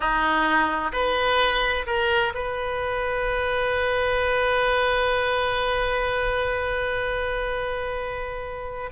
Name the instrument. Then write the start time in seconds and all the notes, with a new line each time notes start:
oboe
0.00 D#4
0.92 B4
1.86 A#4
2.34 B4